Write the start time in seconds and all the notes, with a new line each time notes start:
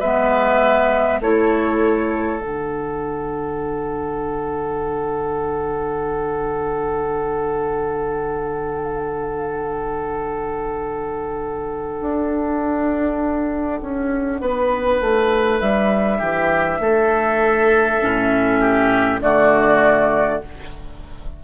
0.00 G#3 B3 B4 E5
1.21 A3 E4 A4 C#5
2.41 D3 D4 F#5
12.01 D4
13.81 C#4
14.41 B3 B4
15.01 A3
15.61 G3 E5
16.18 E3 G4
16.80 A3 A4
18.01 A2 C#4
18.60 G4
19.21 D3 A3 F#4 D5